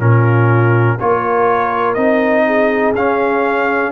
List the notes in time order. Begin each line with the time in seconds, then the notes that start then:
0.00 A#2 C#4 F4 A#4
1.00 A#3 F4 A#4 C#5
1.94 C4 D#4 D#5
2.46 G#4
2.96 C#4 F5